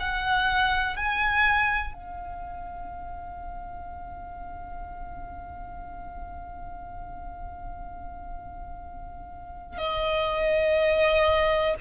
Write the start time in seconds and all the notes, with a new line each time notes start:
0.00 F#5
0.96 G#5
1.94 F5
9.78 D#5